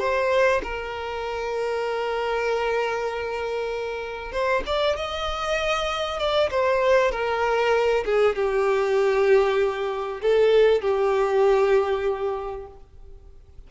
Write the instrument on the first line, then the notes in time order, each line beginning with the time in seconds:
violin
0.00 C5
0.63 A#4
4.33 C5
4.66 D5
4.97 D#5
6.19 D5
6.51 C5
7.12 A#4
8.06 G#4
8.36 G4
10.22 A4
10.82 G4